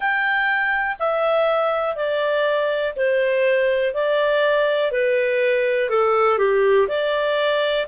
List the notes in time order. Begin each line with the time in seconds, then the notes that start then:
0.00 G5
0.99 E5
1.95 D5
2.96 C5
3.93 D5
4.91 B4
5.89 A4
6.38 G4
6.88 D5